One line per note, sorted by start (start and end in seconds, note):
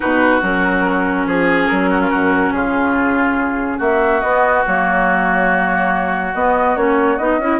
0.00 0.42 B2
0.00 0.40 D#4
0.00 1.26 F#4
0.00 0.41 B4
0.41 1.26 F#3
0.41 4.21 C#4
0.41 1.27 A#4
1.26 1.68 F3
1.26 1.90 G#4
1.26 1.67 G#4
1.67 2.12 F#3
1.67 2.52 A#4
1.90 2.00 F#4
2.00 2.10 F4
2.10 2.51 F#2
2.10 2.52 F#4
2.51 3.78 C#3
2.51 3.77 F4
2.51 3.79 G#4
3.77 4.22 A#3
3.77 7.57 F#4
3.77 4.20 E5
4.20 4.65 B3
4.20 4.62 D#5
4.66 6.34 F#3
4.66 6.34 A#3
4.66 6.34 C#5
6.34 6.76 B3
6.34 6.76 D#5
6.76 7.18 A#3
6.76 7.18 C#4
6.76 7.17 C#5
7.17 7.38 B3
7.17 7.40 D#4
7.17 7.60 D#5
7.38 7.59 C#4
7.38 7.60 E4